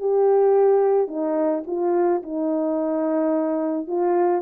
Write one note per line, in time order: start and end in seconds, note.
0.00 1.08 G4
1.08 1.63 D#4
1.67 2.22 F4
2.23 3.87 D#4
3.87 4.42 F4